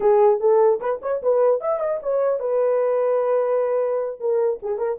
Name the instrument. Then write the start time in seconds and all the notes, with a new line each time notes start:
horn
0.00 G#4
0.39 A4
0.80 B4
1.01 C#5
1.22 B4
1.61 E5
1.80 D#5
2.02 C#5
2.39 B4
4.20 A#4
4.62 G#4
4.77 A#4